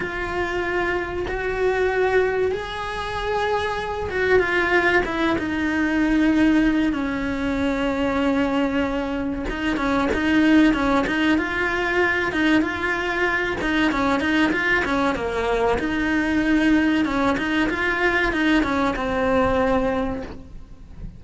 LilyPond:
\new Staff \with { instrumentName = "cello" } { \time 4/4 \tempo 4 = 95 f'2 fis'2 | gis'2~ gis'8 fis'8 f'4 | e'8 dis'2~ dis'8 cis'4~ | cis'2. dis'8 cis'8 |
dis'4 cis'8 dis'8 f'4. dis'8 | f'4. dis'8 cis'8 dis'8 f'8 cis'8 | ais4 dis'2 cis'8 dis'8 | f'4 dis'8 cis'8 c'2 | }